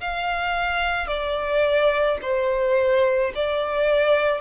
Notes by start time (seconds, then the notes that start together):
0.00 F5
1.07 D5
2.21 C5
3.35 D5